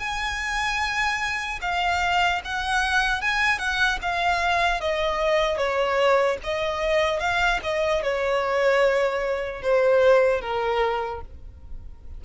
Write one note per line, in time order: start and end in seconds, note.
0.00 1.60 G#5
1.62 2.42 F5
2.45 3.22 F#5
3.22 3.59 G#5
3.59 3.99 F#5
4.02 4.81 F5
4.81 5.58 D#5
5.58 6.38 C#5
6.44 7.20 D#5
7.20 7.60 F5
7.64 8.03 D#5
8.03 9.63 C#5
9.63 10.41 C5
10.41 11.21 A#4